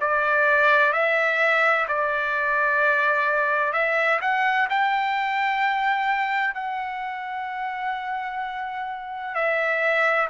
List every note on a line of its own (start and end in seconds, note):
0.00 0.92 D5
0.92 1.86 E5
1.88 3.72 D5
3.72 4.19 E5
4.21 4.67 F#5
4.70 6.54 G5
6.54 9.35 F#5
9.35 10.28 E5